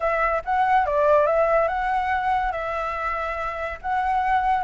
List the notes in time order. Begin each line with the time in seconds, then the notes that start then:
0.00 E5
0.44 F#5
0.86 D5
1.26 E5
1.68 F#5
2.52 E5
3.81 F#5